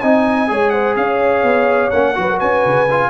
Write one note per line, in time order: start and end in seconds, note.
0.00 0.50 C4
0.00 0.48 D#4
0.00 0.49 D#5
0.00 0.70 G#5
0.48 0.96 G#3
0.48 1.90 G#4
0.48 0.72 C#5
0.70 0.96 C5
0.70 0.94 F#5
0.96 1.43 C#4
0.96 2.18 C#5
0.96 1.90 F5
1.43 1.91 B3
1.90 2.16 A#3
1.90 2.15 C#4
1.90 2.38 F#5
2.15 2.41 F#3
2.15 2.87 F#4
2.15 2.30 B4
2.30 2.38 A#4
2.38 2.65 C#4
2.38 3.09 B4
2.38 3.10 G#5
2.65 3.10 C#3
2.91 3.10 F4